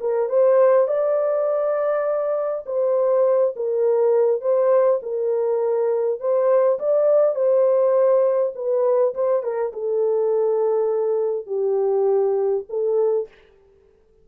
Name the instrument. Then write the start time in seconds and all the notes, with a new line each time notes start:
horn
0.00 A#4
0.29 C5
0.87 D5
2.66 C5
3.56 A#4
4.41 C5
5.02 A#4
6.20 C5
6.79 D5
7.35 C5
8.55 B4
9.14 C5
9.42 A#4
9.72 A4
11.46 G4
12.69 A4